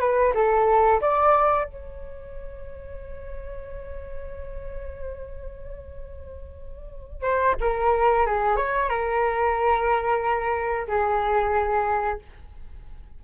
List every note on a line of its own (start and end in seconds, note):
0.00 0.33 B4
0.34 1.00 A4
1.01 1.64 D5
1.64 7.22 C#5
7.22 7.55 C5
7.60 8.26 A#4
8.26 8.56 G#4
8.56 8.89 C#5
8.89 10.87 A#4
10.87 12.19 G#4